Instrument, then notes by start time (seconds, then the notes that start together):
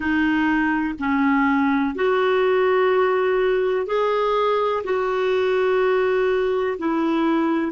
clarinet
0.00 D#4
0.99 C#4
1.95 F#4
3.86 G#4
4.84 F#4
6.78 E4